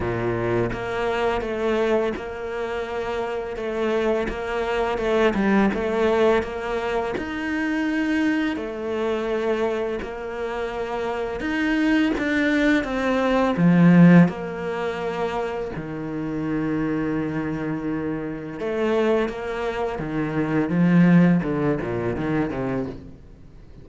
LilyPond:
\new Staff \with { instrumentName = "cello" } { \time 4/4 \tempo 4 = 84 ais,4 ais4 a4 ais4~ | ais4 a4 ais4 a8 g8 | a4 ais4 dis'2 | a2 ais2 |
dis'4 d'4 c'4 f4 | ais2 dis2~ | dis2 a4 ais4 | dis4 f4 d8 ais,8 dis8 c8 | }